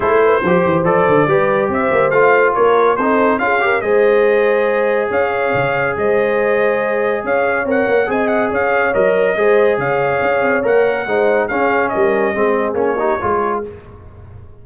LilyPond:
<<
  \new Staff \with { instrumentName = "trumpet" } { \time 4/4 \tempo 4 = 141 c''2 d''2 | e''4 f''4 cis''4 c''4 | f''4 dis''2. | f''2 dis''2~ |
dis''4 f''4 fis''4 gis''8 fis''8 | f''4 dis''2 f''4~ | f''4 fis''2 f''4 | dis''2 cis''2 | }
  \new Staff \with { instrumentName = "horn" } { \time 4/4 a'8 b'8 c''2 b'4 | c''2 ais'4 a'4 | gis'8 ais'8 c''2. | cis''2 c''2~ |
c''4 cis''2 dis''4 | cis''2 c''4 cis''4~ | cis''2 c''4 gis'4 | ais'4 gis'4. g'8 gis'4 | }
  \new Staff \with { instrumentName = "trombone" } { \time 4/4 e'4 g'4 a'4 g'4~ | g'4 f'2 dis'4 | f'8 g'8 gis'2.~ | gis'1~ |
gis'2 ais'4 gis'4~ | gis'4 ais'4 gis'2~ | gis'4 ais'4 dis'4 cis'4~ | cis'4 c'4 cis'8 dis'8 f'4 | }
  \new Staff \with { instrumentName = "tuba" } { \time 4/4 a4 f8 e8 f8 d8 g4 | c'8 ais8 a4 ais4 c'4 | cis'4 gis2. | cis'4 cis4 gis2~ |
gis4 cis'4 c'8 ais8 c'4 | cis'4 fis4 gis4 cis4 | cis'8 c'8 ais4 gis4 cis'4 | g4 gis4 ais4 gis4 | }
>>